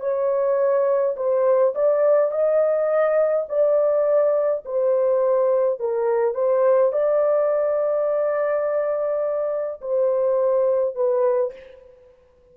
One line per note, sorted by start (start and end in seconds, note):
0.00 1.15 C#5
1.16 1.74 C5
1.75 2.31 D5
2.31 3.46 D#5
3.48 4.64 D5
4.65 5.80 C5
5.80 6.34 A#4
6.34 6.92 C5
6.92 9.80 D5
9.81 10.95 C5
10.95 11.52 B4